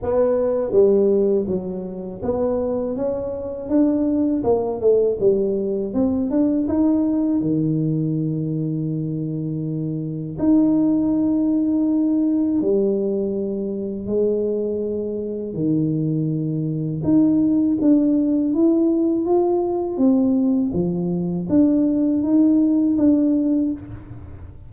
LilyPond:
\new Staff \with { instrumentName = "tuba" } { \time 4/4 \tempo 4 = 81 b4 g4 fis4 b4 | cis'4 d'4 ais8 a8 g4 | c'8 d'8 dis'4 dis2~ | dis2 dis'2~ |
dis'4 g2 gis4~ | gis4 dis2 dis'4 | d'4 e'4 f'4 c'4 | f4 d'4 dis'4 d'4 | }